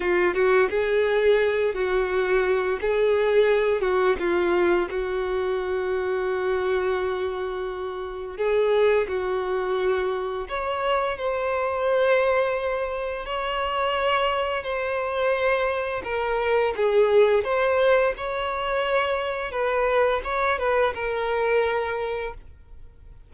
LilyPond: \new Staff \with { instrumentName = "violin" } { \time 4/4 \tempo 4 = 86 f'8 fis'8 gis'4. fis'4. | gis'4. fis'8 f'4 fis'4~ | fis'1 | gis'4 fis'2 cis''4 |
c''2. cis''4~ | cis''4 c''2 ais'4 | gis'4 c''4 cis''2 | b'4 cis''8 b'8 ais'2 | }